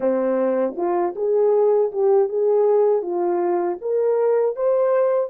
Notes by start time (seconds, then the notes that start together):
0.00 C4
0.76 F4
1.15 G#4
1.92 G4
2.28 G#4
3.02 F4
3.81 A#4
4.56 C5